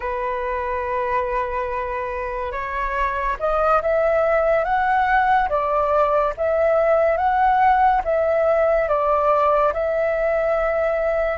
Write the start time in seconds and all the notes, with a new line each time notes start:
0.00 B4
2.52 C#5
3.39 D#5
3.81 E5
4.64 F#5
5.49 D5
6.37 E5
7.17 F#5
8.04 E5
8.88 D5
9.73 E5